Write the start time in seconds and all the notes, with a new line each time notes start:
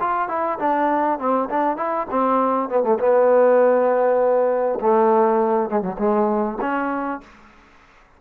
0.00 F4
0.28 E4
0.59 D4
1.19 C4
1.50 D4
1.77 E4
2.11 C4
2.69 B3
2.83 A3
2.99 B3
4.80 A3
5.69 G#3
5.81 F#3
5.98 G#3
6.61 C#4